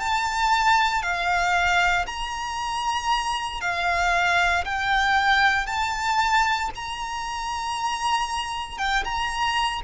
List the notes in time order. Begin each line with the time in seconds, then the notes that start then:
0.00 A5
1.03 F5
2.07 A#5
3.61 F5
4.65 G5
5.67 A5
6.76 A#5
8.78 G5
9.04 A#5